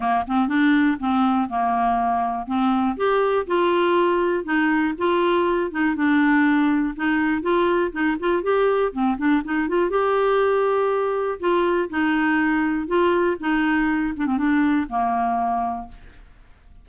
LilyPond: \new Staff \with { instrumentName = "clarinet" } { \time 4/4 \tempo 4 = 121 ais8 c'8 d'4 c'4 ais4~ | ais4 c'4 g'4 f'4~ | f'4 dis'4 f'4. dis'8 | d'2 dis'4 f'4 |
dis'8 f'8 g'4 c'8 d'8 dis'8 f'8 | g'2. f'4 | dis'2 f'4 dis'4~ | dis'8 d'16 c'16 d'4 ais2 | }